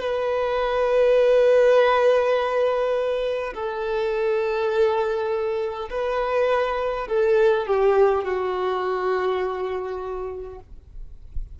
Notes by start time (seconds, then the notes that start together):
0.00 B4
3.53 A4
5.90 B4
7.08 A4
7.66 G4
8.24 F#4